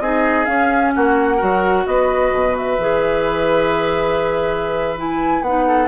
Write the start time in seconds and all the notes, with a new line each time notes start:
0.00 C4 D#4 G#4 D#5
0.45 C#4 F5
0.95 A#3 F#4 F#5
1.37 F#3 F#4 A#4
1.86 B3 B4 D#5
2.33 B2
2.57 E5
2.78 E3 G#4
4.97 E4 G#5
5.42 B3 D#4 F#5
5.67 A4